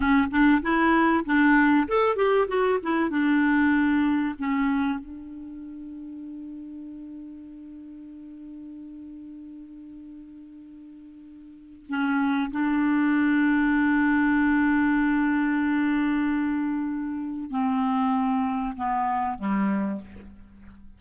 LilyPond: \new Staff \with { instrumentName = "clarinet" } { \time 4/4 \tempo 4 = 96 cis'8 d'8 e'4 d'4 a'8 g'8 | fis'8 e'8 d'2 cis'4 | d'1~ | d'1~ |
d'2. cis'4 | d'1~ | d'1 | c'2 b4 g4 | }